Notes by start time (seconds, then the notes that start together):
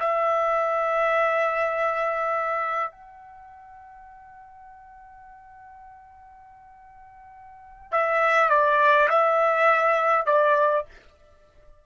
0.00 E5
2.91 F#5
7.92 E5
8.49 D5
9.09 E5
10.26 D5